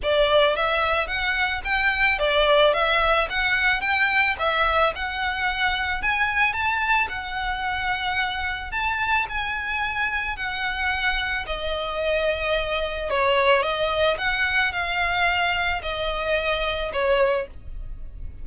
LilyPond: \new Staff \with { instrumentName = "violin" } { \time 4/4 \tempo 4 = 110 d''4 e''4 fis''4 g''4 | d''4 e''4 fis''4 g''4 | e''4 fis''2 gis''4 | a''4 fis''2. |
a''4 gis''2 fis''4~ | fis''4 dis''2. | cis''4 dis''4 fis''4 f''4~ | f''4 dis''2 cis''4 | }